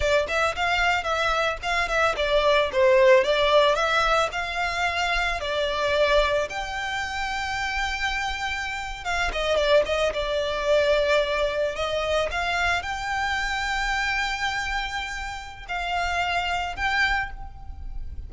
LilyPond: \new Staff \with { instrumentName = "violin" } { \time 4/4 \tempo 4 = 111 d''8 e''8 f''4 e''4 f''8 e''8 | d''4 c''4 d''4 e''4 | f''2 d''2 | g''1~ |
g''8. f''8 dis''8 d''8 dis''8 d''4~ d''16~ | d''4.~ d''16 dis''4 f''4 g''16~ | g''1~ | g''4 f''2 g''4 | }